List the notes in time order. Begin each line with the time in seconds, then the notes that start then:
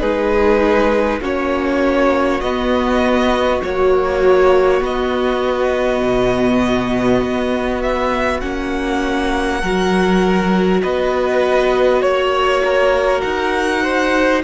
0.00 G#3 D#4 G#4 B4
1.21 A#3 C#4 F#4 C#5
2.41 B3 D#5
3.62 F#3 A#3 C#5
4.80 B3 D#5
6.02 B2
7.22 B3
7.82 E5
8.40 A#3 C#4 F#5
9.61 F#3 F#4 A#4
10.82 B3 B4 D#5
12.02 A#3 C#5
12.64 A#4
13.21 D#4 F#5
13.83 C5